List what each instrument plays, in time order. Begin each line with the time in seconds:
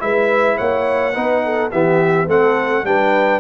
0.00 tuba G#3, trombone E4, horn B4, trumpet E5
0.57 tuba A#3, horn C#5, trumpet F#5
1.14 tuba B3, trombone D#4, horn B4
1.45 horn A4
1.71 tuba E3, trombone B3, horn G4, trumpet E5
2.27 tuba A3, trombone C4, horn A4, trumpet F#5
2.84 tuba G3, trombone D4, horn B4, trumpet G5